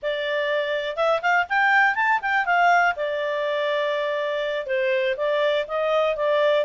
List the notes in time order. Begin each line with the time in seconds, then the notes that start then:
0.02 D5
0.96 E5
1.22 F5
1.49 G5
1.95 A5
2.21 G5
2.45 F5
2.96 D5
4.66 C5
5.16 D5
5.67 D#5
6.16 D5